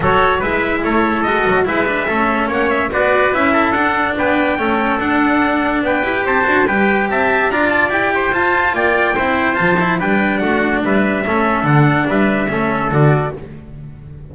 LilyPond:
<<
  \new Staff \with { instrumentName = "trumpet" } { \time 4/4 \tempo 4 = 144 cis''4 e''4 cis''4 dis''4 | e''2 fis''8 e''8 d''4 | e''4 fis''4 g''2 | fis''2 g''4 a''4 |
g''4 a''4 ais''8 a''8 g''4 | a''4 g''2 a''4 | g''4 fis''4 e''2 | fis''4 e''2 d''4 | }
  \new Staff \with { instrumentName = "trumpet" } { \time 4/4 a'4 b'4 a'2 | b'4 a'4 cis''4 b'4~ | b'8 a'4. b'4 a'4~ | a'2 b'4 c''4 |
b'4 e''4 d''4. c''8~ | c''4 d''4 c''2 | b'4 fis'4 b'4 a'4~ | a'4 b'4 a'2 | }
  \new Staff \with { instrumentName = "cello" } { \time 4/4 fis'4 e'2 fis'4 | e'8 d'8 cis'2 fis'4 | e'4 d'2 cis'4 | d'2~ d'8 g'4 fis'8 |
g'2 f'4 g'4 | f'2 e'4 f'8 e'8 | d'2. cis'4 | d'2 cis'4 fis'4 | }
  \new Staff \with { instrumentName = "double bass" } { \time 4/4 fis4 gis4 a4 gis8 fis8 | gis4 a4 ais4 b4 | cis'4 d'4 b4 a4 | d'2 b8 e'8 c'8 d'8 |
g4 c'4 d'4 e'4 | f'4 ais4 c'4 f4 | g4 a4 g4 a4 | d4 g4 a4 d4 | }
>>